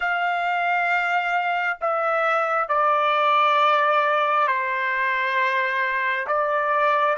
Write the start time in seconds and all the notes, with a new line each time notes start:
0.00 F5
1.81 E5
2.68 D5
4.47 C5
6.27 D5